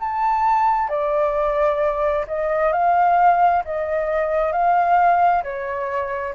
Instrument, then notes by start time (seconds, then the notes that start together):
flute
0.00 A5
0.89 D5
2.27 D#5
2.73 F5
3.65 D#5
4.52 F5
5.43 C#5